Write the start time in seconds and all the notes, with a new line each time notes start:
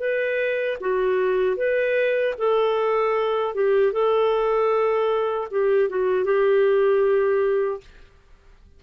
0.00 B4
0.81 F#4
1.57 B4
2.39 A4
3.55 G4
3.93 A4
5.51 G4
5.90 F#4
6.25 G4